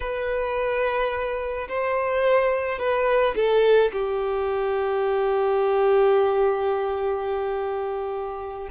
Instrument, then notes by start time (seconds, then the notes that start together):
violin
0.00 B4
1.68 C5
2.78 B4
3.35 A4
3.92 G4